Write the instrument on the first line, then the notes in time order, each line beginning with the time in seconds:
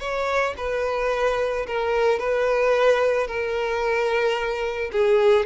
violin
0.00 C#5
0.58 B4
1.67 A#4
2.20 B4
3.28 A#4
4.93 G#4